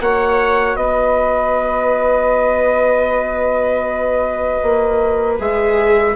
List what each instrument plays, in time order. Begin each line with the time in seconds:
0.00 bassoon A#3, viola F#4 C#5, trumpet F#5
0.76 bassoon B3, viola B4, trumpet D#5
4.63 bassoon A#3
5.39 bassoon G#3, viola G#4, trumpet E5